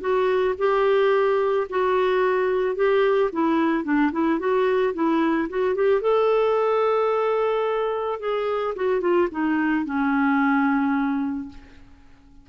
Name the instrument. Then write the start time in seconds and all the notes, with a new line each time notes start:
clarinet
0.00 F#4
0.58 G4
1.69 F#4
2.75 G4
3.32 E4
3.84 D4
4.12 E4
4.39 F#4
4.94 E4
5.49 F#4
5.75 G4
6.01 A4
8.19 G#4
8.75 F#4
9.00 F4
9.31 D#4
9.85 C#4